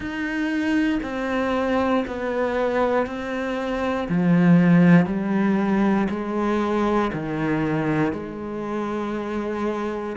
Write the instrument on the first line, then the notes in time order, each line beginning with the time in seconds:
cello
0.00 D#4
1.03 C4
2.07 B3
3.06 C4
4.08 F3
5.06 G3
6.09 G#3
7.13 D#3
8.13 G#3